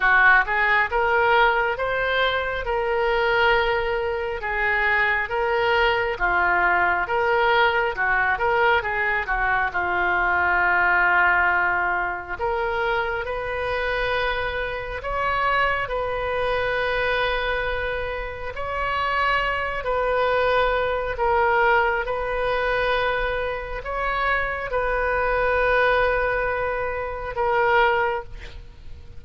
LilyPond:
\new Staff \with { instrumentName = "oboe" } { \time 4/4 \tempo 4 = 68 fis'8 gis'8 ais'4 c''4 ais'4~ | ais'4 gis'4 ais'4 f'4 | ais'4 fis'8 ais'8 gis'8 fis'8 f'4~ | f'2 ais'4 b'4~ |
b'4 cis''4 b'2~ | b'4 cis''4. b'4. | ais'4 b'2 cis''4 | b'2. ais'4 | }